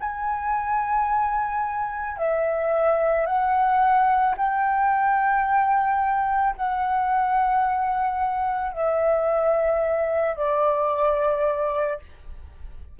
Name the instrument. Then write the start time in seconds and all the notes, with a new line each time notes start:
flute
0.00 G#5
2.18 E5
3.26 F#5
4.37 G5
6.56 F#5
8.73 E5
10.36 D5